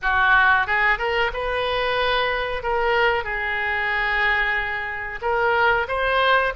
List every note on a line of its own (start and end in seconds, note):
0.01 0.66 F#4
0.66 0.98 G#4
0.98 1.31 A#4
1.33 2.63 B4
2.63 3.24 A#4
3.24 5.19 G#4
5.21 5.86 A#4
5.88 6.53 C5